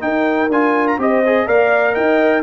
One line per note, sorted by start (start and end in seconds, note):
0.00 0.48 D#4
0.00 1.00 A#4
0.00 0.50 G5
0.48 0.96 D4
0.48 0.99 F4
0.48 0.87 G#5
0.87 0.99 A#5
0.98 1.46 C4
0.98 1.23 G4
0.98 1.46 C5
0.98 1.47 D#5
1.26 1.46 G#4
1.46 1.95 A#3
1.46 2.43 A#4
1.46 1.92 D5
1.46 1.94 F5
1.92 2.43 D#4
1.92 2.41 D#5
1.92 2.42 G5